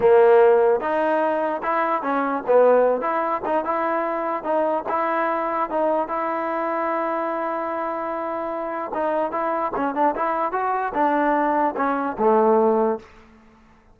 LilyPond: \new Staff \with { instrumentName = "trombone" } { \time 4/4 \tempo 4 = 148 ais2 dis'2 | e'4 cis'4 b4. e'8~ | e'8 dis'8 e'2 dis'4 | e'2 dis'4 e'4~ |
e'1~ | e'2 dis'4 e'4 | cis'8 d'8 e'4 fis'4 d'4~ | d'4 cis'4 a2 | }